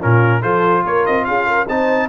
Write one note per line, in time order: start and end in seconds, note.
0.00 0.43 A#2
0.00 0.42 C#4
0.00 0.42 F4
0.00 0.42 A#4
0.42 0.85 F3
0.42 1.67 F4
0.42 0.83 A4
0.42 0.84 C5
0.84 1.06 A#3
0.84 1.26 A#4
0.84 1.06 C#5
1.06 1.27 C4
1.06 1.25 D#5
1.25 1.69 C#4
1.25 1.46 G#4
1.25 1.66 F5
1.46 1.67 A#4
1.68 2.09 C4
1.68 2.09 D#4
1.68 2.09 C5
1.68 2.09 A5